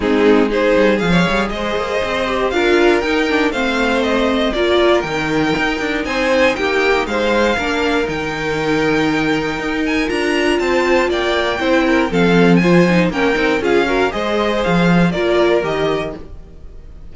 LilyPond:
<<
  \new Staff \with { instrumentName = "violin" } { \time 4/4 \tempo 4 = 119 gis'4 c''4 f''4 dis''4~ | dis''4 f''4 g''4 f''4 | dis''4 d''4 g''2 | gis''4 g''4 f''2 |
g''2.~ g''8 gis''8 | ais''4 a''4 g''2 | f''4 gis''4 g''4 f''4 | dis''4 f''4 d''4 dis''4 | }
  \new Staff \with { instrumentName = "violin" } { \time 4/4 dis'4 gis'4~ gis'16 cis''8. c''4~ | c''4 ais'2 c''4~ | c''4 ais'2. | c''4 g'4 c''4 ais'4~ |
ais'1~ | ais'4 c''4 d''4 c''8 ais'8 | a'4 c''4 ais'4 gis'8 ais'8 | c''2 ais'2 | }
  \new Staff \with { instrumentName = "viola" } { \time 4/4 c'4 dis'4 gis'2~ | gis'8 g'8 f'4 dis'8 d'8 c'4~ | c'4 f'4 dis'2~ | dis'2. d'4 |
dis'1 | f'2. e'4 | c'4 f'8 dis'8 cis'8 dis'8 f'8 fis'8 | gis'2 f'4 g'4 | }
  \new Staff \with { instrumentName = "cello" } { \time 4/4 gis4. g8 f8 g8 gis8 ais8 | c'4 d'4 dis'4 a4~ | a4 ais4 dis4 dis'8 d'8 | c'4 ais4 gis4 ais4 |
dis2. dis'4 | d'4 c'4 ais4 c'4 | f2 ais8 c'8 cis'4 | gis4 f4 ais4 dis4 | }
>>